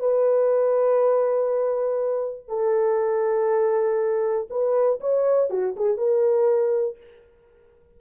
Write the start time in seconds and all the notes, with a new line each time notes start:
0.00 B4
2.48 A4
4.50 B4
5.01 C#5
5.50 F#4
5.76 G#4
5.97 A#4